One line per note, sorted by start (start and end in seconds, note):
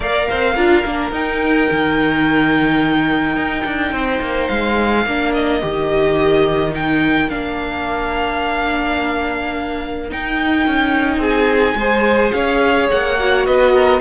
0.00 0.27 A#3
0.00 0.56 A#4
0.00 0.27 D5
0.00 1.13 F5
0.29 0.56 C4
0.29 0.54 C5
0.54 0.84 D4
0.54 0.84 F4
0.54 3.91 A#4
0.85 1.11 A#3
0.85 1.12 D4
1.11 1.67 D#4
1.11 5.04 D#4
1.11 4.48 G5
1.70 3.36 D#3
3.36 3.64 D#4
3.65 3.91 D4
3.91 4.19 C4
3.91 5.04 C5
4.20 4.48 A#3
4.48 5.05 G#3
4.48 5.32 F5
5.04 5.61 A#3
5.04 5.61 D4
5.04 11.19 A#4
5.33 6.73 D#5
5.61 7.31 D#3
5.61 6.71 G4
6.71 7.27 D#4
6.71 7.29 G5
7.29 10.11 A#3
7.29 10.09 D4
7.29 10.09 F5
10.09 11.78 D#4
10.09 10.67 D#4
10.09 11.21 G5
10.67 11.17 C#4
11.17 11.73 C4
11.17 11.75 G#4
11.17 12.32 G#5
11.75 12.31 G#3
11.75 13.18 G#4
11.75 12.34 C5
12.32 12.89 C#4
12.32 13.46 C#5
12.32 12.88 F5
12.91 13.47 A#3
12.91 13.45 F#5
13.18 14.00 F#4
13.45 14.00 B3
13.45 13.73 B4
13.45 14.00 D#5
13.73 14.00 A#4